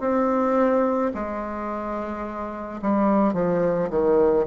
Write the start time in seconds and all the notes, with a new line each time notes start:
0.00 C4
1.14 G#3
2.81 G3
3.33 F3
3.90 D#3